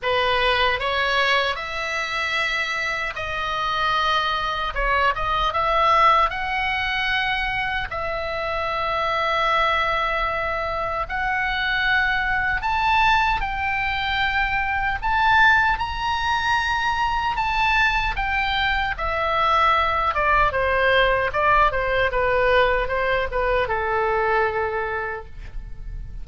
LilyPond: \new Staff \with { instrumentName = "oboe" } { \time 4/4 \tempo 4 = 76 b'4 cis''4 e''2 | dis''2 cis''8 dis''8 e''4 | fis''2 e''2~ | e''2 fis''2 |
a''4 g''2 a''4 | ais''2 a''4 g''4 | e''4. d''8 c''4 d''8 c''8 | b'4 c''8 b'8 a'2 | }